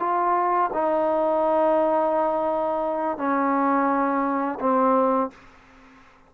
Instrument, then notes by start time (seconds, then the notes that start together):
trombone
0.00 F4
0.73 D#4
3.18 C#4
4.60 C4